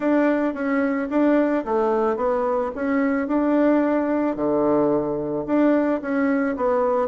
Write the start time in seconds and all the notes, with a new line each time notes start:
0.00 D4
0.54 C#4
1.09 D4
1.64 A3
2.16 B3
2.75 C#4
3.27 D4
4.36 D3
5.46 D4
6.01 C#4
6.56 B3